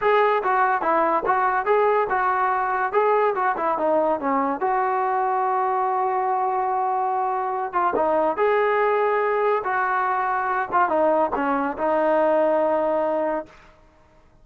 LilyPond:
\new Staff \with { instrumentName = "trombone" } { \time 4/4 \tempo 4 = 143 gis'4 fis'4 e'4 fis'4 | gis'4 fis'2 gis'4 | fis'8 e'8 dis'4 cis'4 fis'4~ | fis'1~ |
fis'2~ fis'8 f'8 dis'4 | gis'2. fis'4~ | fis'4. f'8 dis'4 cis'4 | dis'1 | }